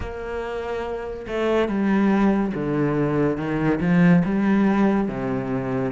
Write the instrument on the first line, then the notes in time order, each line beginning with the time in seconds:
cello
0.00 A#3
1.27 A3
1.68 G3
2.54 D3
3.37 D#3
3.80 F3
4.24 G3
5.08 C3